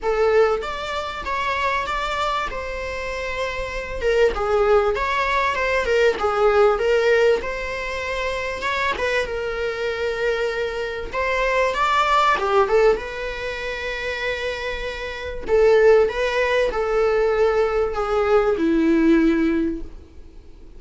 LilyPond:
\new Staff \with { instrumentName = "viola" } { \time 4/4 \tempo 4 = 97 a'4 d''4 cis''4 d''4 | c''2~ c''8 ais'8 gis'4 | cis''4 c''8 ais'8 gis'4 ais'4 | c''2 cis''8 b'8 ais'4~ |
ais'2 c''4 d''4 | g'8 a'8 b'2.~ | b'4 a'4 b'4 a'4~ | a'4 gis'4 e'2 | }